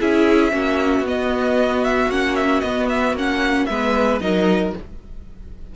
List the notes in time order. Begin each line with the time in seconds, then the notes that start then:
0.00 C#4 E4 G#4 E5
0.51 A#3 C#4 F#4
1.00 B3
1.08 D#5
1.84 E5
2.10 A#3 C#4 F#5
2.36 E5
2.60 B3 D#5
2.89 E5
3.12 A#3 C#4
3.18 F#5
3.66 G#3 B3 B4 E5
4.20 F#3 D#4 A#4 D#5